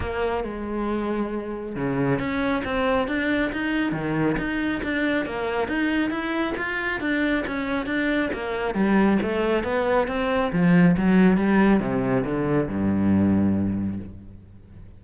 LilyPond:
\new Staff \with { instrumentName = "cello" } { \time 4/4 \tempo 4 = 137 ais4 gis2. | cis4 cis'4 c'4 d'4 | dis'4 dis4 dis'4 d'4 | ais4 dis'4 e'4 f'4 |
d'4 cis'4 d'4 ais4 | g4 a4 b4 c'4 | f4 fis4 g4 c4 | d4 g,2. | }